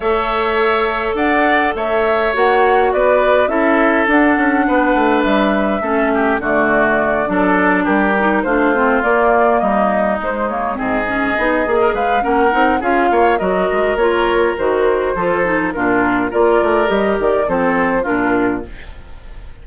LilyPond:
<<
  \new Staff \with { instrumentName = "flute" } { \time 4/4 \tempo 4 = 103 e''2 fis''4 e''4 | fis''4 d''4 e''4 fis''4~ | fis''4 e''2 d''4~ | d''4. ais'4 c''4 d''8~ |
d''8 dis''4 c''8 cis''8 dis''4.~ | dis''8 f''8 fis''4 f''4 dis''4 | cis''4 c''2 ais'4 | d''4 dis''8 d''8 c''4 ais'4 | }
  \new Staff \with { instrumentName = "oboe" } { \time 4/4 cis''2 d''4 cis''4~ | cis''4 b'4 a'2 | b'2 a'8 g'8 fis'4~ | fis'8 a'4 g'4 f'4.~ |
f'8 dis'2 gis'4.~ | gis'16 ais'16 b'8 ais'4 gis'8 cis''8 ais'4~ | ais'2 a'4 f'4 | ais'2 a'4 f'4 | }
  \new Staff \with { instrumentName = "clarinet" } { \time 4/4 a'1 | fis'2 e'4 d'4~ | d'2 cis'4 a4~ | a8 d'4. dis'8 d'8 c'8 ais8~ |
ais4. gis8 ais8 c'8 cis'8 dis'8 | gis'4 cis'8 dis'8 f'4 fis'4 | f'4 fis'4 f'8 dis'8 d'4 | f'4 g'4 c'4 d'4 | }
  \new Staff \with { instrumentName = "bassoon" } { \time 4/4 a2 d'4 a4 | ais4 b4 cis'4 d'8 cis'8 | b8 a8 g4 a4 d4~ | d8 fis4 g4 a4 ais8~ |
ais8 g4 gis4 gis,4 b8 | ais8 gis8 ais8 c'8 cis'8 ais8 fis8 gis8 | ais4 dis4 f4 ais,4 | ais8 a8 g8 dis8 f4 ais,4 | }
>>